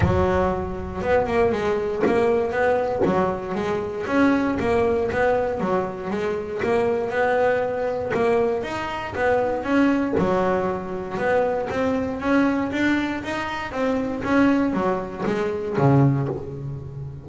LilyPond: \new Staff \with { instrumentName = "double bass" } { \time 4/4 \tempo 4 = 118 fis2 b8 ais8 gis4 | ais4 b4 fis4 gis4 | cis'4 ais4 b4 fis4 | gis4 ais4 b2 |
ais4 dis'4 b4 cis'4 | fis2 b4 c'4 | cis'4 d'4 dis'4 c'4 | cis'4 fis4 gis4 cis4 | }